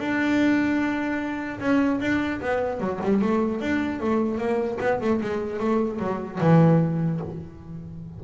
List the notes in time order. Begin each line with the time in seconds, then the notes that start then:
0.00 D4
1.61 C#4
2.01 D4
2.41 B3
2.81 F#3
3.04 G3
3.22 A3
3.61 D4
4.01 A3
4.38 A#3
4.81 B3
5.01 A3
5.22 G#3
5.60 A3
6.00 F#3
6.41 E3